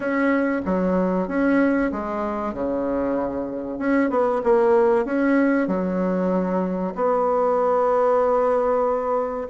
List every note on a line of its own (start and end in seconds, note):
0.00 0.61 C#4
0.65 1.27 F#3
1.27 1.91 C#4
1.91 2.53 G#3
2.53 3.78 C#3
3.78 4.10 C#4
4.10 4.41 B3
4.43 5.05 A#3
5.05 5.67 C#4
5.67 6.93 F#3
6.95 9.47 B3